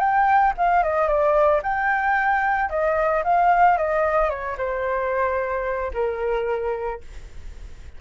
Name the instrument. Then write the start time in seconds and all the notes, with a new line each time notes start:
flute
0.00 G5
0.58 F5
0.84 D#5
1.08 D5
1.63 G5
2.70 D#5
3.24 F5
3.78 D#5
4.30 C#5
4.58 C5
5.94 A#4